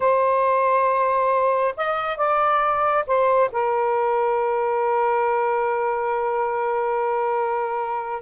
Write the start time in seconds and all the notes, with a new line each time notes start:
0.00 C5
1.77 D#5
2.17 D5
3.06 C5
3.52 A#4